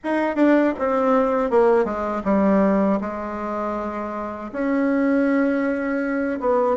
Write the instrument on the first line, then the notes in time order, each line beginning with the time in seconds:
bassoon
0.03 D#4
0.35 D4
0.78 C4
1.50 A#3
1.84 G#3
2.24 G3
3.00 G#3
4.52 C#4
6.40 B3